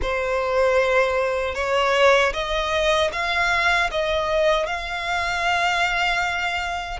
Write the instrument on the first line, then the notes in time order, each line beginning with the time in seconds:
violin
0.02 C5
1.54 C#5
2.33 D#5
3.12 F5
3.91 D#5
4.66 F5